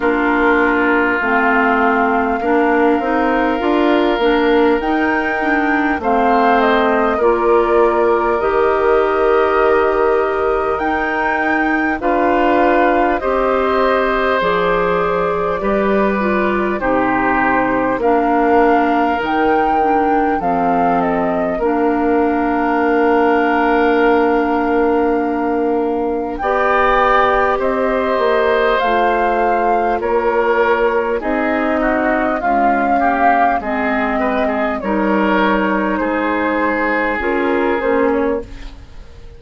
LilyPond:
<<
  \new Staff \with { instrumentName = "flute" } { \time 4/4 \tempo 4 = 50 ais'4 f''2. | g''4 f''8 dis''8 d''4 dis''4~ | dis''4 g''4 f''4 dis''4 | d''2 c''4 f''4 |
g''4 f''8 dis''8 f''2~ | f''2 g''4 dis''4 | f''4 cis''4 dis''4 f''4 | dis''4 cis''4 c''4 ais'8 c''16 cis''16 | }
  \new Staff \with { instrumentName = "oboe" } { \time 4/4 f'2 ais'2~ | ais'4 c''4 ais'2~ | ais'2 b'4 c''4~ | c''4 b'4 g'4 ais'4~ |
ais'4 a'4 ais'2~ | ais'2 d''4 c''4~ | c''4 ais'4 gis'8 fis'8 f'8 g'8 | gis'8 b'16 gis'16 ais'4 gis'2 | }
  \new Staff \with { instrumentName = "clarinet" } { \time 4/4 d'4 c'4 d'8 dis'8 f'8 d'8 | dis'8 d'8 c'4 f'4 g'4~ | g'4 dis'4 f'4 g'4 | gis'4 g'8 f'8 dis'4 d'4 |
dis'8 d'8 c'4 d'2~ | d'2 g'2 | f'2 dis'4 gis8 ais8 | c'4 dis'2 f'8 cis'8 | }
  \new Staff \with { instrumentName = "bassoon" } { \time 4/4 ais4 a4 ais8 c'8 d'8 ais8 | dis'4 a4 ais4 dis4~ | dis4 dis'4 d'4 c'4 | f4 g4 c4 ais4 |
dis4 f4 ais2~ | ais2 b4 c'8 ais8 | a4 ais4 c'4 cis'4 | gis4 g4 gis4 cis'8 ais8 | }
>>